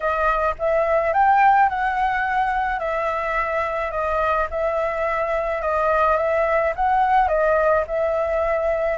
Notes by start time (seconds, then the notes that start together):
0.00 D#5
0.58 E5
1.13 G5
1.69 F#5
2.79 E5
3.91 D#5
4.50 E5
5.61 D#5
6.17 E5
6.75 F#5
7.27 D#5
7.87 E5